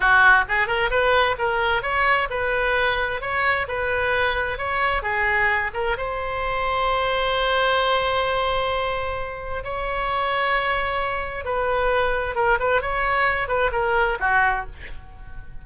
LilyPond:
\new Staff \with { instrumentName = "oboe" } { \time 4/4 \tempo 4 = 131 fis'4 gis'8 ais'8 b'4 ais'4 | cis''4 b'2 cis''4 | b'2 cis''4 gis'4~ | gis'8 ais'8 c''2.~ |
c''1~ | c''4 cis''2.~ | cis''4 b'2 ais'8 b'8 | cis''4. b'8 ais'4 fis'4 | }